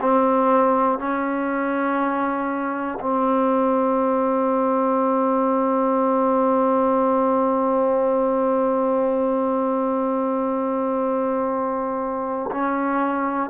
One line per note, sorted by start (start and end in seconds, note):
0.00 0.98 C4
0.98 2.98 C#4
3.00 12.50 C4
12.51 13.50 C#4